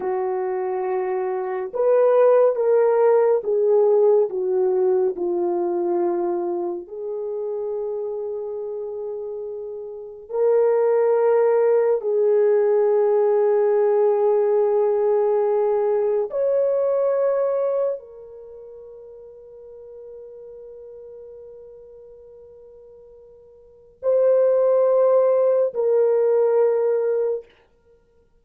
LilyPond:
\new Staff \with { instrumentName = "horn" } { \time 4/4 \tempo 4 = 70 fis'2 b'4 ais'4 | gis'4 fis'4 f'2 | gis'1 | ais'2 gis'2~ |
gis'2. cis''4~ | cis''4 ais'2.~ | ais'1 | c''2 ais'2 | }